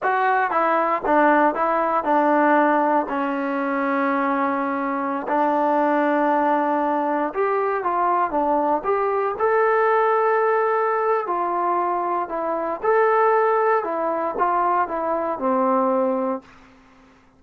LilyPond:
\new Staff \with { instrumentName = "trombone" } { \time 4/4 \tempo 4 = 117 fis'4 e'4 d'4 e'4 | d'2 cis'2~ | cis'2~ cis'16 d'4.~ d'16~ | d'2~ d'16 g'4 f'8.~ |
f'16 d'4 g'4 a'4.~ a'16~ | a'2 f'2 | e'4 a'2 e'4 | f'4 e'4 c'2 | }